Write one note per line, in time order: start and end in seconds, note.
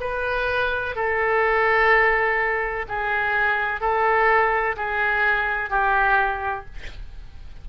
0.00 0.95 B4
0.95 2.86 A4
2.88 3.80 G#4
3.80 4.75 A4
4.76 5.70 G#4
5.70 6.65 G4